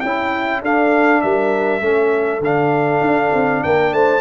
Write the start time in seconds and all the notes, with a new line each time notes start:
0.00 C#4 E4 G5
0.62 D4 A4 F5
1.22 G3 A#4 E5
1.81 A3 C#4 A4
2.40 D3 D4 F5
3.01 D4
3.34 C4
3.64 A#3 A#4 G5
3.92 A3 C5 A5